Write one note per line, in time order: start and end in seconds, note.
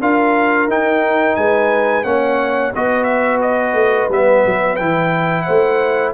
0.00 0.68 D4
0.00 0.68 F4
0.00 1.37 A#4
0.00 0.69 F5
0.68 1.36 D#4
0.68 2.03 D#4
0.68 1.35 G5
1.35 2.04 G#3
1.35 2.05 B4
1.35 2.04 G#5
2.03 2.72 A#3
2.03 2.71 C#4
2.03 2.73 C#5
2.03 2.72 F#5
2.74 3.73 B3
2.74 4.10 F#4
2.74 5.45 B4
2.74 3.03 D#5
3.03 3.37 E5
3.41 4.09 D#5
3.73 4.07 A3
4.09 4.43 G3
4.09 4.78 B3
4.09 4.76 E5
4.45 4.79 F#3
4.76 5.47 E3
4.76 6.13 E4
4.76 5.42 G5
5.42 6.13 C5
5.42 6.10 F#5
5.48 6.13 A3